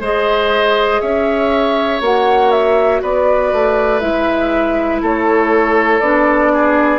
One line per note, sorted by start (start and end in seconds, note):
0.00 1.00 G#3
0.00 2.01 G#4
0.00 1.01 C5
0.00 1.00 D#5
1.00 2.01 C#4
1.00 3.01 C#5
1.00 2.00 E5
2.01 3.01 A#3
2.01 4.00 F#4
2.01 2.51 F#5
2.51 3.01 E5
3.01 3.52 B3
3.01 5.01 B4
3.01 4.00 D5
3.52 4.01 A3
4.00 5.01 G#3
4.00 6.00 E4
4.00 5.00 E5
5.01 6.00 A3
5.01 6.51 A4
5.01 5.99 C#5
5.99 6.98 B3
5.99 6.98 D4
5.99 6.98 D5
6.53 6.98 G#4